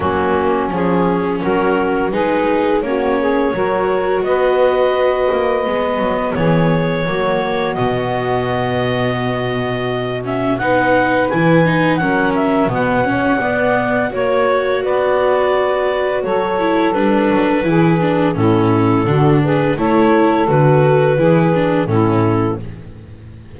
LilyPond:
<<
  \new Staff \with { instrumentName = "clarinet" } { \time 4/4 \tempo 4 = 85 fis'4 gis'4 ais'4 b'4 | cis''2 dis''2~ | dis''4 cis''2 dis''4~ | dis''2~ dis''8 e''8 fis''4 |
gis''4 fis''8 e''8 fis''2 | cis''4 d''2 cis''4 | b'2 a'4. b'8 | cis''4 b'2 a'4 | }
  \new Staff \with { instrumentName = "saxophone" } { \time 4/4 cis'2 fis'4 gis'4 | fis'8 gis'8 ais'4 b'2~ | b'4 gis'4 fis'2~ | fis'2. b'4~ |
b'4 ais'4 b'8 cis''8 d''4 | cis''4 b'2 a'4~ | a'4 gis'4 e'4 fis'8 gis'8 | a'2 gis'4 e'4 | }
  \new Staff \with { instrumentName = "viola" } { \time 4/4 ais4 cis'2 dis'4 | cis'4 fis'2. | b2 ais4 b4~ | b2~ b8 cis'8 dis'4 |
e'8 dis'8 cis'4 b8 cis'8 b4 | fis'2.~ fis'8 e'8 | d'4 e'8 d'8 cis'4 d'4 | e'4 fis'4 e'8 d'8 cis'4 | }
  \new Staff \with { instrumentName = "double bass" } { \time 4/4 fis4 f4 fis4 gis4 | ais4 fis4 b4. ais8 | gis8 fis8 e4 fis4 b,4~ | b,2. b4 |
e4 fis4 b,4 b4 | ais4 b2 fis4 | g8 fis8 e4 a,4 d4 | a4 d4 e4 a,4 | }
>>